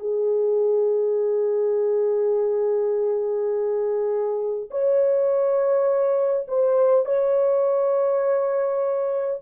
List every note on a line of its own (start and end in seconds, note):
0.00 4.71 G#4
4.71 6.48 C#5
6.48 7.06 C5
7.06 9.41 C#5